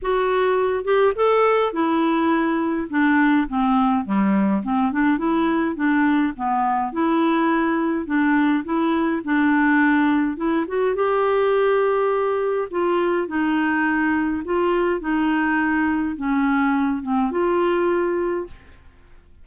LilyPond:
\new Staff \with { instrumentName = "clarinet" } { \time 4/4 \tempo 4 = 104 fis'4. g'8 a'4 e'4~ | e'4 d'4 c'4 g4 | c'8 d'8 e'4 d'4 b4 | e'2 d'4 e'4 |
d'2 e'8 fis'8 g'4~ | g'2 f'4 dis'4~ | dis'4 f'4 dis'2 | cis'4. c'8 f'2 | }